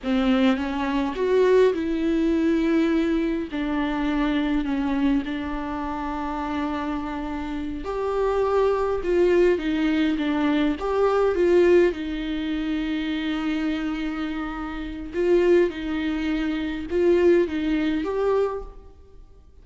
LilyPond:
\new Staff \with { instrumentName = "viola" } { \time 4/4 \tempo 4 = 103 c'4 cis'4 fis'4 e'4~ | e'2 d'2 | cis'4 d'2.~ | d'4. g'2 f'8~ |
f'8 dis'4 d'4 g'4 f'8~ | f'8 dis'2.~ dis'8~ | dis'2 f'4 dis'4~ | dis'4 f'4 dis'4 g'4 | }